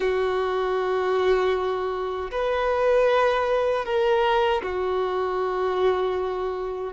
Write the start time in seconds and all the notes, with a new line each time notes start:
0.00 F#4
2.31 B4
3.85 A#4
4.62 F#4